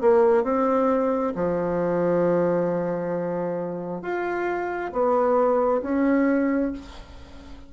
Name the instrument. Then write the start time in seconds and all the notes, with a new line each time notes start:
bassoon
0.00 A#3
0.43 C4
1.35 F3
4.02 F4
4.92 B3
5.82 C#4